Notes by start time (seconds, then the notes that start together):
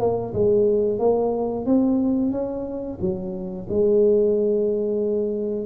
0.00 A#3
0.34 G#3
0.99 A#3
1.66 C4
2.32 C#4
3.01 F#3
3.69 G#3